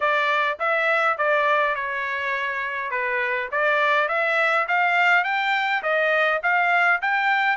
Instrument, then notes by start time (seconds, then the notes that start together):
trumpet
0.00 D5
0.59 E5
1.17 D5
1.75 C#5
2.90 B4
3.51 D5
4.08 E5
4.68 F5
5.24 G5
5.82 D#5
6.42 F5
7.01 G5